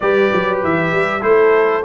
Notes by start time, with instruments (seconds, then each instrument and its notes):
0.00 tuba G3, trombone G4, horn B4, trumpet D5
0.32 tuba F#3
0.63 tuba E3, trumpet E5
0.92 tuba G3
1.20 tuba A3, trombone E4, horn A4, trumpet C5